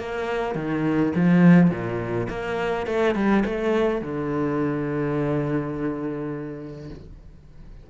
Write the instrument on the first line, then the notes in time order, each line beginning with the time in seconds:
cello
0.00 A#3
0.55 D#3
1.16 F3
1.71 A#2
2.30 A#3
2.87 A3
3.15 G3
3.46 A3
4.02 D3